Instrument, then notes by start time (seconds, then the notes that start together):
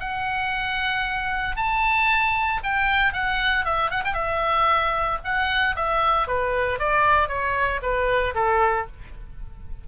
oboe
0.00 F#5
1.57 A5
2.64 G5
3.13 F#5
3.65 E5
3.91 F#5
4.05 G5
4.14 E5
5.24 F#5
5.76 E5
6.28 B4
6.79 D5
7.29 C#5
7.82 B4
8.35 A4